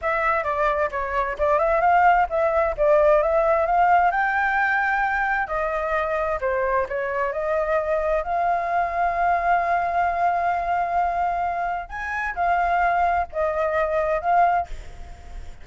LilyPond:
\new Staff \with { instrumentName = "flute" } { \time 4/4 \tempo 4 = 131 e''4 d''4 cis''4 d''8 e''8 | f''4 e''4 d''4 e''4 | f''4 g''2. | dis''2 c''4 cis''4 |
dis''2 f''2~ | f''1~ | f''2 gis''4 f''4~ | f''4 dis''2 f''4 | }